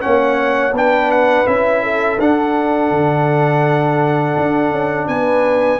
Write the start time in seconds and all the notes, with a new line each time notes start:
0.00 A#3 C#4 C#5 F#5
0.72 B3 D4 B4 G5
1.11 F#5
1.46 C#4 E4 E5
1.83 A4
2.19 D4 F#5
2.91 D3
4.36 D4
4.71 C#4
5.07 B3 B4 G#5